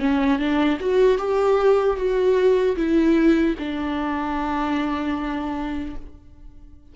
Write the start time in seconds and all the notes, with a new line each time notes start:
0.00 C#4
0.39 D4
0.80 F#4
1.18 G4
1.97 F#4
2.77 E4
3.59 D4